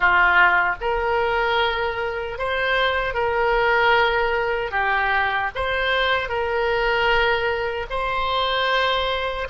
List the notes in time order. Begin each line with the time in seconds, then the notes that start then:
0.00 F4
0.80 A#4
2.38 C5
3.14 A#4
4.71 G4
5.55 C5
6.28 A#4
7.89 C5